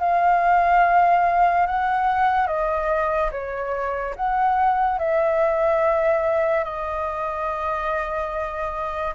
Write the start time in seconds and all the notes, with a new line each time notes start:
0.00 F5
1.67 F#5
2.47 D#5
3.31 C#5
4.16 F#5
4.98 E5
6.64 D#5